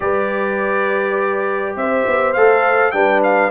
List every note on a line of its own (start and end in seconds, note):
0.00 1.75 G3
0.00 2.35 G4
0.00 1.78 B4
0.00 1.76 D5
1.75 2.05 C4
1.75 2.94 C5
1.75 2.33 E5
2.07 2.36 B3
2.33 2.93 A3
2.33 2.93 A4
2.33 2.91 F5
2.91 3.50 G3
2.91 3.50 D4
2.91 3.50 B4
2.91 3.20 G5
3.23 3.50 F5